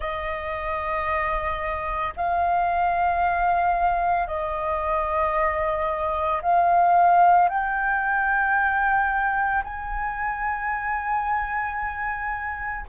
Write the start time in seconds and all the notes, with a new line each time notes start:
0.00 D#5
2.16 F5
4.27 D#5
6.42 F5
7.49 G5
9.64 G#5